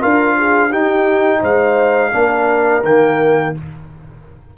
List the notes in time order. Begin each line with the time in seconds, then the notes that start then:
0.00 D4 F4 A#4 F5
0.38 G#4
0.69 D#4 G4 G5
1.42 G#3 C5 F5
2.12 A#3 D4 A#4
2.84 D#3 A#3 G5